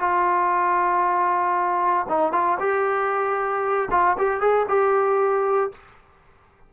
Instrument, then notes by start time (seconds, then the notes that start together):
trombone
0.00 F4
2.09 D#4
2.33 F4
2.60 G4
3.91 F4
4.18 G4
4.41 G#4
4.69 G4